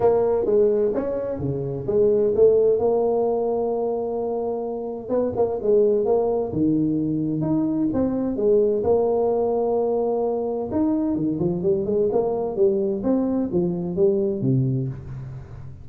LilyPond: \new Staff \with { instrumentName = "tuba" } { \time 4/4 \tempo 4 = 129 ais4 gis4 cis'4 cis4 | gis4 a4 ais2~ | ais2. b8 ais8 | gis4 ais4 dis2 |
dis'4 c'4 gis4 ais4~ | ais2. dis'4 | dis8 f8 g8 gis8 ais4 g4 | c'4 f4 g4 c4 | }